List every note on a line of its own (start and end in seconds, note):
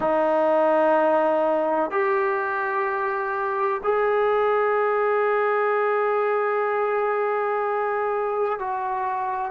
0.00 1.90 D#4
1.90 3.81 G4
3.83 8.59 G#4
8.59 9.51 F#4